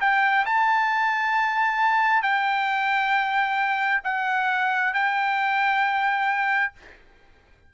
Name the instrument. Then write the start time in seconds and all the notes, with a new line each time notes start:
trumpet
0.00 G5
0.45 A5
2.22 G5
4.03 F#5
4.93 G5